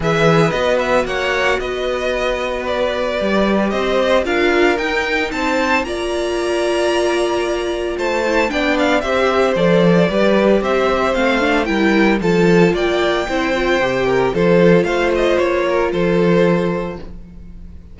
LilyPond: <<
  \new Staff \with { instrumentName = "violin" } { \time 4/4 \tempo 4 = 113 e''4 dis''8 e''8 fis''4 dis''4~ | dis''4 d''2 dis''4 | f''4 g''4 a''4 ais''4~ | ais''2. a''4 |
g''8 f''8 e''4 d''2 | e''4 f''4 g''4 a''4 | g''2. c''4 | f''8 dis''8 cis''4 c''2 | }
  \new Staff \with { instrumentName = "violin" } { \time 4/4 b'2 cis''4 b'4~ | b'2. c''4 | ais'2 c''4 d''4~ | d''2. c''4 |
d''4 c''2 b'4 | c''2 ais'4 a'4 | d''4 c''4. ais'8 a'4 | c''4. ais'8 a'2 | }
  \new Staff \with { instrumentName = "viola" } { \time 4/4 gis'4 fis'2.~ | fis'2 g'2 | f'4 dis'2 f'4~ | f'2.~ f'8 e'8 |
d'4 g'4 a'4 g'4~ | g'4 c'8 d'8 e'4 f'4~ | f'4 e'8 f'8 g'4 f'4~ | f'1 | }
  \new Staff \with { instrumentName = "cello" } { \time 4/4 e4 b4 ais4 b4~ | b2 g4 c'4 | d'4 dis'4 c'4 ais4~ | ais2. a4 |
b4 c'4 f4 g4 | c'4 a4 g4 f4 | ais4 c'4 c4 f4 | a4 ais4 f2 | }
>>